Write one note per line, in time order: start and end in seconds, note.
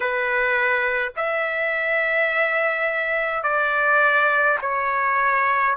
0.00 1.12 B4
1.16 3.43 E5
3.43 4.58 D5
4.61 5.76 C#5